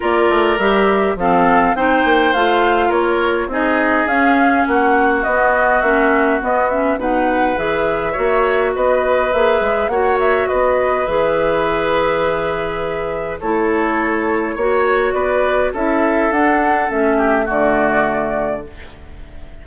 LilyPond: <<
  \new Staff \with { instrumentName = "flute" } { \time 4/4 \tempo 4 = 103 d''4 e''4 f''4 g''4 | f''4 cis''4 dis''4 f''4 | fis''4 dis''4 e''4 dis''8 e''8 | fis''4 e''2 dis''4 |
e''4 fis''8 e''8 dis''4 e''4~ | e''2. cis''4~ | cis''2 d''4 e''4 | fis''4 e''4 d''2 | }
  \new Staff \with { instrumentName = "oboe" } { \time 4/4 ais'2 a'4 c''4~ | c''4 ais'4 gis'2 | fis'1 | b'2 cis''4 b'4~ |
b'4 cis''4 b'2~ | b'2. a'4~ | a'4 cis''4 b'4 a'4~ | a'4. g'8 fis'2 | }
  \new Staff \with { instrumentName = "clarinet" } { \time 4/4 f'4 g'4 c'4 dis'4 | f'2 dis'4 cis'4~ | cis'4 b4 cis'4 b8 cis'8 | dis'4 gis'4 fis'2 |
gis'4 fis'2 gis'4~ | gis'2. e'4~ | e'4 fis'2 e'4 | d'4 cis'4 a2 | }
  \new Staff \with { instrumentName = "bassoon" } { \time 4/4 ais8 a8 g4 f4 c'8 ais8 | a4 ais4 c'4 cis'4 | ais4 b4 ais4 b4 | b,4 e4 ais4 b4 |
ais8 gis8 ais4 b4 e4~ | e2. a4~ | a4 ais4 b4 cis'4 | d'4 a4 d2 | }
>>